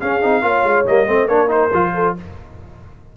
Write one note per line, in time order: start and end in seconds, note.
0.00 0.21 C#4
0.00 0.23 C#4
0.00 0.43 G#4
0.00 0.86 F5
0.21 0.42 C4
0.21 0.42 D#4
0.42 0.64 A#3
0.42 0.85 F4
0.42 1.07 C#5
0.64 0.85 G#3
0.86 1.07 G3
0.86 1.07 A#3
0.86 1.28 D#5
1.07 1.28 A3
1.07 1.28 C4
1.07 1.27 C5
1.27 1.71 A#3
1.27 1.48 D4
1.27 1.92 A#4
1.27 1.49 C#5
1.48 1.69 D#4
1.48 2.15 C5
1.73 2.16 F3
1.73 2.16 F4
1.94 2.15 A4